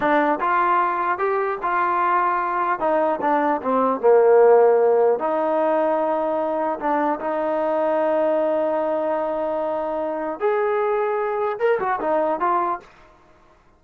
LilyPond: \new Staff \with { instrumentName = "trombone" } { \time 4/4 \tempo 4 = 150 d'4 f'2 g'4 | f'2. dis'4 | d'4 c'4 ais2~ | ais4 dis'2.~ |
dis'4 d'4 dis'2~ | dis'1~ | dis'2 gis'2~ | gis'4 ais'8 fis'8 dis'4 f'4 | }